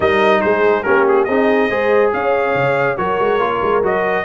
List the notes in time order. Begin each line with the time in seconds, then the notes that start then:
0.00 G3 D#4 A#4 D#5
0.41 G#3 G#4 C5
0.83 A#3 C#4 G4 A#4
1.08 G#4
1.24 C4 D#4 G#4 D#5
1.69 G#3 G#4 C5
2.13 C#4 C#5 F5
2.54 C#3
2.97 F#3 F#4 A#4 C#5
3.19 G#3
3.39 A#3 F4
3.62 G#3
3.82 F#3 F#4 D#5